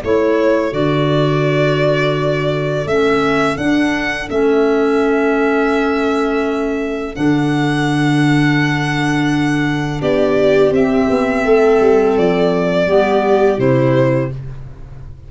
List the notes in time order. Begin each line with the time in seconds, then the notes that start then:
0.00 A3 E4 A4 C#5
0.71 D3 F#4 D5
2.85 A3 C#4 E5
3.57 D4 F#5
4.29 A3 C#4 E5
7.15 D3 D4 F#5
10.01 B3 G4 D5
10.71 C4 E5
11.10 B3
11.43 A3 A4
11.80 G3
12.17 F3 D5
12.86 G3 B3 G4
13.57 C3 E4 C5